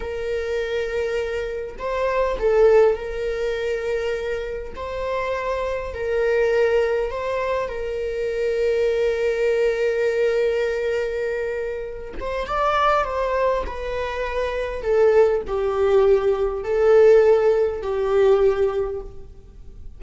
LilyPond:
\new Staff \with { instrumentName = "viola" } { \time 4/4 \tempo 4 = 101 ais'2. c''4 | a'4 ais'2. | c''2 ais'2 | c''4 ais'2.~ |
ais'1~ | ais'8 c''8 d''4 c''4 b'4~ | b'4 a'4 g'2 | a'2 g'2 | }